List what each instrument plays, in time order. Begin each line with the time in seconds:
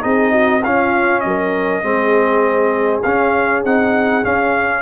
0.00 tuba C4, trombone D#4, horn G#4, trumpet D#5
0.31 horn F#4
0.63 tuba C#4, trombone C#4, horn F4, trumpet F5
1.20 tuba F#3, trumpet D#5
1.26 horn A#4
1.82 tuba G#3, trombone C4, horn G#4
3.02 tuba C#4, trombone C#4, trumpet F5
3.63 tuba C4, trombone D#4, trumpet F#5
4.22 trombone C#4, tuba C#4, trumpet F5